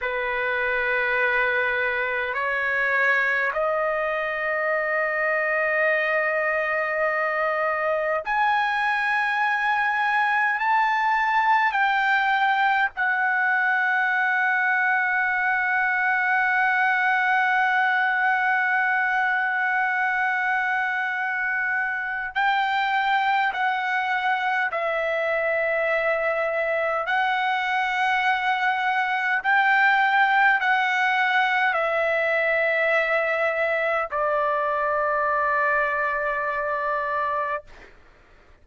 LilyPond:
\new Staff \with { instrumentName = "trumpet" } { \time 4/4 \tempo 4 = 51 b'2 cis''4 dis''4~ | dis''2. gis''4~ | gis''4 a''4 g''4 fis''4~ | fis''1~ |
fis''2. g''4 | fis''4 e''2 fis''4~ | fis''4 g''4 fis''4 e''4~ | e''4 d''2. | }